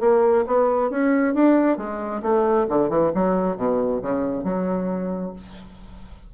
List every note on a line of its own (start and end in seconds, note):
0.00 0.44 A#3
0.47 0.90 B3
0.90 1.34 C#4
1.34 1.77 D4
1.77 2.22 G#3
2.22 2.67 A3
2.69 2.89 D3
2.89 3.12 E3
3.15 3.56 F#3
3.56 4.01 B2
4.02 4.44 C#3
4.44 5.33 F#3